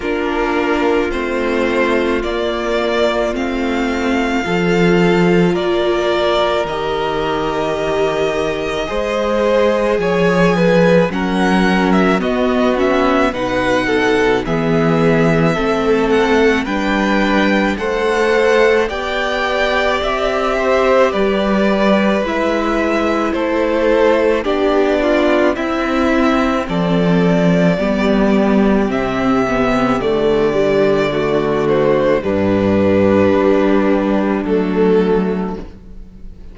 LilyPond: <<
  \new Staff \with { instrumentName = "violin" } { \time 4/4 \tempo 4 = 54 ais'4 c''4 d''4 f''4~ | f''4 d''4 dis''2~ | dis''4 gis''4 fis''8. e''16 dis''8 e''8 | fis''4 e''4. fis''8 g''4 |
fis''4 g''4 e''4 d''4 | e''4 c''4 d''4 e''4 | d''2 e''4 d''4~ | d''8 c''8 b'2 a'4 | }
  \new Staff \with { instrumentName = "violin" } { \time 4/4 f'1 | a'4 ais'2. | c''4 cis''8 b'8 ais'4 fis'4 | b'8 a'8 gis'4 a'4 b'4 |
c''4 d''4. c''8 b'4~ | b'4 a'4 g'8 f'8 e'4 | a'4 g'2. | fis'4 d'2. | }
  \new Staff \with { instrumentName = "viola" } { \time 4/4 d'4 c'4 ais4 c'4 | f'2 g'2 | gis'2 cis'4 b8 cis'8 | dis'4 b4 c'4 d'4 |
a'4 g'2. | e'2 d'4 c'4~ | c'4 b4 c'8 b8 a8 g8 | a4 g2 a4 | }
  \new Staff \with { instrumentName = "cello" } { \time 4/4 ais4 a4 ais4 a4 | f4 ais4 dis2 | gis4 f4 fis4 b4 | b,4 e4 a4 g4 |
a4 b4 c'4 g4 | gis4 a4 b4 c'4 | f4 g4 c4 d4~ | d4 g,4 g4 fis4 | }
>>